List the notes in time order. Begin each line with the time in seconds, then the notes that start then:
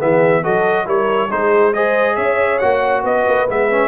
0.00 E3 B3 G#4 E5
0.42 F#3 F#4 A4 D#5
0.86 G3 E4 A#4 C#5
1.30 G#3 D#4 G#4 C5
1.73 G#4 C5 D#5
2.16 C#4 C#5 E5
2.59 A#3 F#4 F#5
3.04 B3 B4 D#5
3.27 A#3
3.49 G#3 B3 E5
3.71 C#4